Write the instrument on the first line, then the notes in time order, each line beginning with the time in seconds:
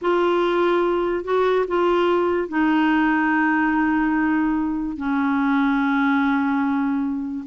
clarinet
0.01 F4
1.24 F#4
1.67 F4
2.48 D#4
4.96 C#4